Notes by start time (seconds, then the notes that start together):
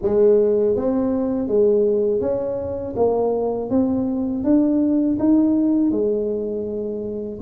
0.02 G#3
0.75 C4
1.47 G#3
2.20 C#4
2.96 A#3
3.70 C4
4.43 D4
5.19 D#4
5.91 G#3